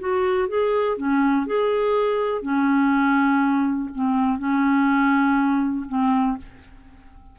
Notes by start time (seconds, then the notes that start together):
0.00 F#4
0.49 G#4
0.98 C#4
1.47 G#4
2.43 C#4
3.95 C4
4.39 C#4
5.89 C4